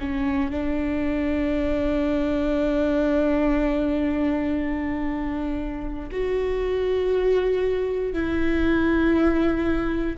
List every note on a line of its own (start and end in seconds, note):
0.00 0.51 C#4
0.51 6.10 D4
6.12 8.14 F#4
8.14 10.17 E4